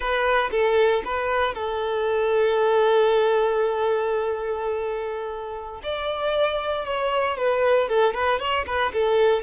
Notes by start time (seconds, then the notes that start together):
0.00 B4
0.51 A4
1.04 B4
1.54 A4
5.83 D5
6.85 C#5
7.37 B4
7.88 A4
8.14 B4
8.39 C#5
8.66 B4
8.93 A4